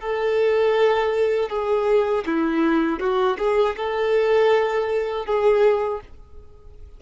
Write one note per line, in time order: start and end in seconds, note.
0.00 1.49 A4
1.49 2.24 G#4
2.26 3.00 E4
3.00 3.37 F#4
3.38 3.76 G#4
3.76 5.26 A4
5.26 6.01 G#4